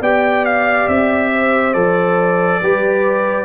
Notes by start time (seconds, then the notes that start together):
0.00 B3 G4 D5 G5
0.45 F5
0.87 C4 E5
1.31 C5
1.73 F3 A4 D5
2.61 G3 G4 B4